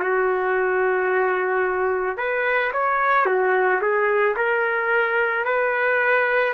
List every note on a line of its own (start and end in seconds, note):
0.00 2.18 F#4
2.18 2.72 B4
2.73 3.26 C#5
3.26 3.81 F#4
3.82 4.36 G#4
4.37 5.45 A#4
5.45 6.54 B4